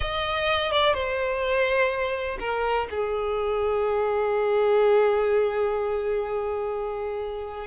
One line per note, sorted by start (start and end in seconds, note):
0.00 0.71 D#5
0.71 0.93 D5
0.93 2.37 C5
2.39 2.87 A#4
2.90 7.66 G#4